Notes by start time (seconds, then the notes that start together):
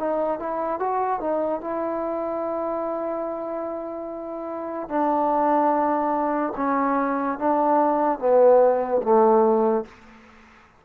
0.00 D#4
0.40 E4
0.80 F#4
1.21 D#4
1.61 E4
4.90 D4
6.57 C#4
7.39 D4
8.20 B3
9.03 A3